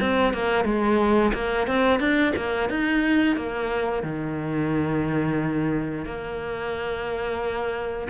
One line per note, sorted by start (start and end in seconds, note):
0.00 0.33 C4
0.33 0.64 A#3
0.64 1.32 G#3
1.34 1.67 A#3
1.67 1.99 C4
1.99 2.33 D4
2.36 2.69 A#3
2.69 3.36 D#4
3.36 4.03 A#3
4.03 6.05 D#3
6.05 8.07 A#3